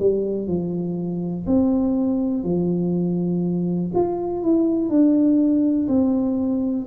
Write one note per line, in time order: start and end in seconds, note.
0.00 0.47 G3
0.47 1.46 F3
1.47 2.44 C4
2.44 3.92 F3
3.95 4.43 F4
4.43 4.90 E4
4.90 5.88 D4
5.88 6.87 C4